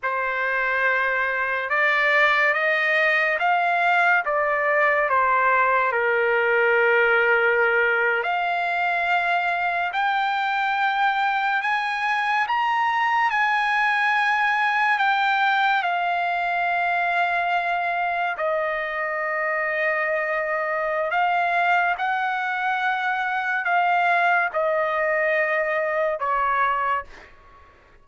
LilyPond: \new Staff \with { instrumentName = "trumpet" } { \time 4/4 \tempo 4 = 71 c''2 d''4 dis''4 | f''4 d''4 c''4 ais'4~ | ais'4.~ ais'16 f''2 g''16~ | g''4.~ g''16 gis''4 ais''4 gis''16~ |
gis''4.~ gis''16 g''4 f''4~ f''16~ | f''4.~ f''16 dis''2~ dis''16~ | dis''4 f''4 fis''2 | f''4 dis''2 cis''4 | }